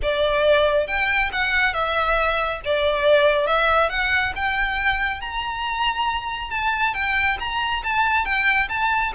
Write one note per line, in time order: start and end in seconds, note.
0.02 0.87 D5
0.87 1.30 G5
1.32 1.73 F#5
1.73 2.60 E5
2.64 3.47 D5
3.47 3.89 E5
3.89 4.33 F#5
4.35 5.20 G5
5.20 6.50 A#5
6.50 6.93 A5
6.93 7.37 G5
7.39 7.83 A#5
7.83 8.25 A5
8.25 8.68 G5
8.68 9.12 A5